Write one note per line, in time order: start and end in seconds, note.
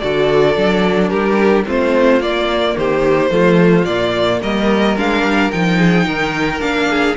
0.00 0.57 D3
0.00 0.55 F#4
0.00 1.10 A4
0.00 1.09 D5
0.55 1.11 F#3
0.55 1.65 D4
1.09 1.66 G3
1.09 1.65 G4
1.09 1.64 A#4
1.67 2.20 A3
1.67 2.21 C4
1.67 2.77 F4
1.67 2.22 C5
2.20 2.75 A#3
2.20 3.30 A#3
2.20 2.77 D5
2.77 3.30 D#3
2.77 3.32 G4
2.77 3.85 C5
3.30 3.85 F3
3.30 3.85 A3
3.30 4.41 F4
3.85 4.41 A#2
3.85 4.97 A#3
3.85 4.40 D5
4.41 4.97 G3
4.41 5.78 A#4
4.41 4.98 D#5
4.97 5.22 G#3
4.97 5.52 D4
4.97 5.51 F5
5.22 5.50 G3
5.51 6.08 F3
5.51 6.60 D#4
5.51 6.61 G5
5.79 6.06 G#4
6.06 6.61 D#3
6.06 6.89 A#4
6.60 7.16 A#3
6.60 7.15 D4
6.60 7.16 F5
6.90 7.17 G#4